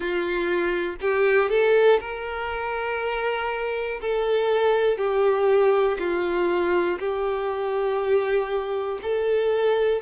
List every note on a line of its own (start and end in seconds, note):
0.00 0.95 F4
1.01 1.49 G4
1.49 1.99 A4
2.00 4.00 A#4
4.01 4.97 A4
4.97 5.97 G4
5.99 6.99 F4
6.99 8.99 G4
9.02 10.01 A4